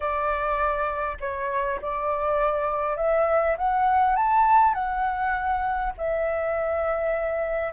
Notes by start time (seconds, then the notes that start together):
0.00 D5
1.20 C#5
1.81 D5
2.96 E5
3.57 F#5
4.16 A5
4.74 F#5
5.97 E5